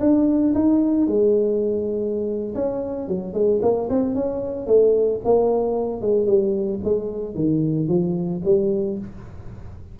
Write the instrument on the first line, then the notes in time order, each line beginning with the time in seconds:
tuba
0.00 D4
0.54 D#4
1.07 G#3
2.55 C#4
3.08 F#3
3.34 G#3
3.62 A#3
3.90 C4
4.14 C#4
4.67 A3
5.24 A#3
6.01 G#3
6.26 G3
6.84 G#3
7.35 D#3
7.88 F3
8.44 G3